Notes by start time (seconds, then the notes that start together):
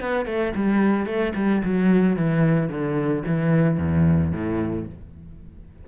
0.00 B3
0.26 A3
0.55 G3
1.06 A3
1.35 G3
1.64 F#3
2.16 E3
2.69 D3
3.26 E3
3.78 E2
4.32 A2